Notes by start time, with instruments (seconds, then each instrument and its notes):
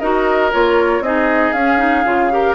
0.00 bassoon D#4, clarinet F#4, oboe A#4, flute D#5
0.52 bassoon A#3, clarinet F4, flute C#5
1.01 bassoon C4, clarinet D#4, oboe G#4, flute D#5
1.53 bassoon C#4, clarinet C#4, flute F5
1.78 clarinet D#4
2.05 bassoon C#3, clarinet F4
2.31 clarinet G4, oboe A#4